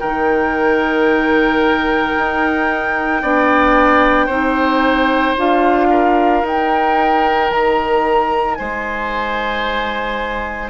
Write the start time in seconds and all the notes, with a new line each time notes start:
0.00 D#3 D#4 A#4 G5
2.18 D#4
3.22 B3 D4 D5
4.26 C4 D#4 C5
5.37 D4 F4 F5
5.90 A#4
6.43 D#4 G5
7.51 D#3 A#5
8.55 G#3 C5 G#5